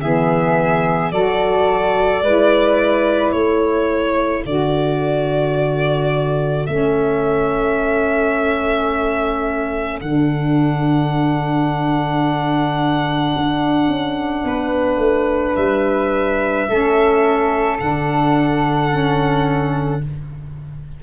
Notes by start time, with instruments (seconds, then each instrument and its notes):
0.00 tuba E3, saxophone B3, flute G#4, violin E5
1.12 tuba F#3, saxophone F#4, flute A4, violin D5
2.22 tuba G#3, saxophone E4, flute B4
3.32 tuba A3, flute A4, violin C#5
4.45 tuba D3, saxophone F#4, violin D5
6.66 tuba A3, saxophone C#4, violin E5
10.01 tuba D3, saxophone D4, violin F#5
13.36 tuba D4
13.87 tuba C#4
14.44 tuba B3, flute B4
14.97 tuba A3
15.55 tuba G3, violin E5
16.69 tuba A3, saxophone C#4, flute A4
17.79 tuba D3, saxophone D4, violin F#5
18.90 saxophone C#4